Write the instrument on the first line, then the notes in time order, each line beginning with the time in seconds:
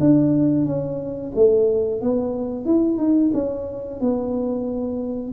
tuba
0.00 D4
0.65 C#4
1.35 A3
2.01 B3
2.65 E4
2.98 D#4
3.34 C#4
4.01 B3